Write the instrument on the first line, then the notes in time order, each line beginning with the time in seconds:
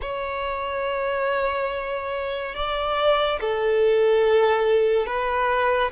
violin
0.01 C#5
2.55 D5
3.40 A4
5.06 B4